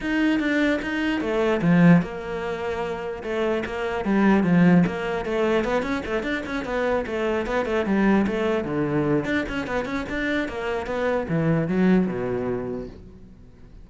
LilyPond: \new Staff \with { instrumentName = "cello" } { \time 4/4 \tempo 4 = 149 dis'4 d'4 dis'4 a4 | f4 ais2. | a4 ais4 g4 f4 | ais4 a4 b8 cis'8 a8 d'8 |
cis'8 b4 a4 b8 a8 g8~ | g8 a4 d4. d'8 cis'8 | b8 cis'8 d'4 ais4 b4 | e4 fis4 b,2 | }